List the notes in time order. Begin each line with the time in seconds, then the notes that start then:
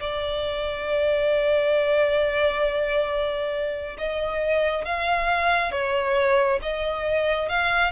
0.00 D5
3.98 D#5
4.85 F5
5.72 C#5
6.62 D#5
7.49 F5